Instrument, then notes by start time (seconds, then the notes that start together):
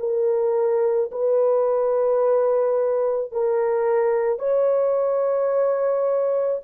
horn
0.00 A#4
1.12 B4
3.32 A#4
4.39 C#5